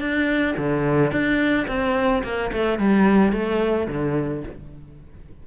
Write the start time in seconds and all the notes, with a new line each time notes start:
0.00 D4
0.57 D3
1.12 D4
1.68 C4
2.24 A#3
2.53 A3
2.79 G3
3.33 A3
3.88 D3